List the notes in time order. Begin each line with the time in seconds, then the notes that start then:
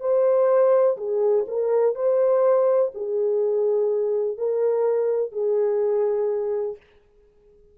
0.00 C5
0.97 G#4
1.47 A#4
1.95 C5
2.94 G#4
4.38 A#4
5.32 G#4